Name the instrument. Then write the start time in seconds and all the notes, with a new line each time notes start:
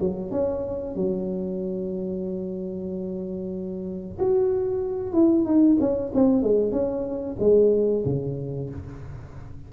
tuba
0.00 F#3
0.30 C#4
0.95 F#3
4.18 F#4
5.13 E4
5.45 D#4
5.80 C#4
6.14 C4
6.42 G#3
6.71 C#4
7.39 G#3
8.05 C#3